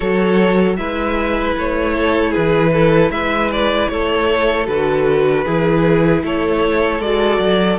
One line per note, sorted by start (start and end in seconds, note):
0.00 0.78 F#3
0.00 0.77 F#4
0.00 0.76 A4
0.00 0.76 C#5
0.76 1.56 G#3
0.76 4.66 E4
0.76 1.93 B4
0.76 1.54 E5
1.56 2.34 A3
1.56 2.33 C#5
1.93 2.31 A4
2.31 3.10 E3
2.31 2.69 G#4
2.31 3.11 B4
2.72 3.11 A4
3.10 3.88 G#3
3.10 3.91 B4
3.10 3.50 E5
3.51 3.88 D5
3.88 4.67 A3
3.88 5.44 A4
3.88 4.66 C#5
4.66 5.45 D3
4.66 5.44 F#4
4.66 6.23 B4
5.44 6.23 E3
5.44 7.01 E4
5.44 6.22 G#4
6.23 6.99 A3
6.23 7.79 A4
6.23 7.01 C#5
6.99 7.38 G#3
6.99 7.79 F#4
6.99 7.79 D5
7.39 7.78 F#3